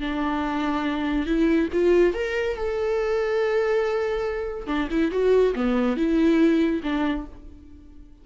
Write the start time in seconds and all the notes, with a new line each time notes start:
0.00 D4
1.26 E4
1.73 F4
2.14 A#4
2.57 A4
4.67 D4
4.91 E4
5.11 F#4
5.55 B3
5.97 E4
6.83 D4